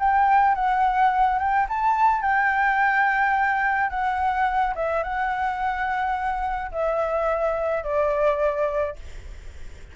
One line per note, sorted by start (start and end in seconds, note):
0.00 0.55 G5
0.55 1.39 F#5
1.39 1.67 G5
1.69 2.22 A5
2.22 3.90 G5
3.90 4.75 F#5
4.76 5.03 E5
5.03 6.72 F#5
6.72 7.84 E5
7.84 8.96 D5